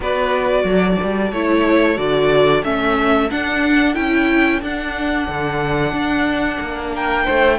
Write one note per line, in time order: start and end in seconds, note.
0.00 0.64 B3
0.00 1.33 F#4
0.00 0.65 B4
0.00 1.32 D5
0.64 0.97 F#3
0.64 6.91 A4
1.03 1.32 G3
1.32 1.97 A3
1.32 1.96 E4
1.32 1.97 C#5
1.96 2.63 D3
1.96 2.62 F#4
1.96 2.63 D5
2.63 3.30 A3
2.63 3.29 C#4
2.63 3.30 E5
3.30 3.94 D4
3.30 3.96 D4
3.30 3.94 F#5
3.94 4.61 C#4
3.94 4.60 E4
3.94 4.60 G5
4.61 5.27 D4
4.61 7.58 D4
4.61 6.94 F#5
5.27 5.92 D3
5.92 6.58 D4
6.60 7.26 A#3
6.93 7.24 A#4
6.93 7.58 G5
7.24 7.58 A3
7.24 7.57 C5